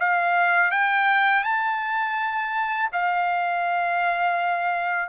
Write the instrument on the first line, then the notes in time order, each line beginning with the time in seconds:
trumpet
0.00 F5
0.72 G5
1.44 A5
2.93 F5